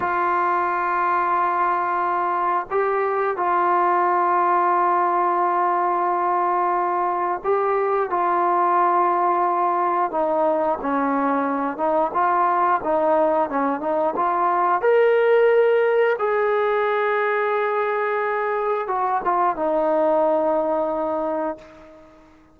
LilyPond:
\new Staff \with { instrumentName = "trombone" } { \time 4/4 \tempo 4 = 89 f'1 | g'4 f'2.~ | f'2. g'4 | f'2. dis'4 |
cis'4. dis'8 f'4 dis'4 | cis'8 dis'8 f'4 ais'2 | gis'1 | fis'8 f'8 dis'2. | }